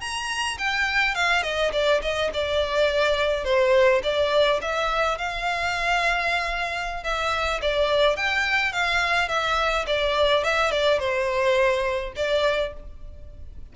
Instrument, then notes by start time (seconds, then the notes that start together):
violin
0.00 A#5
0.58 G5
1.15 F5
1.43 D#5
1.72 D5
2.02 D#5
2.34 D5
3.44 C5
4.03 D5
4.62 E5
5.18 F5
7.03 E5
7.61 D5
8.16 G5
8.72 F5
9.28 E5
9.86 D5
10.44 E5
10.71 D5
10.99 C5
12.16 D5